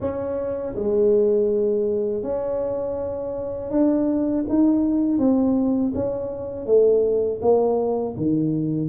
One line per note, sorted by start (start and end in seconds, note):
0.00 0.74 C#4
0.75 2.22 G#3
2.22 3.70 C#4
3.70 4.44 D4
4.48 5.18 D#4
5.18 5.92 C4
5.94 6.66 C#4
6.66 7.40 A3
7.41 8.15 A#3
8.16 8.89 D#3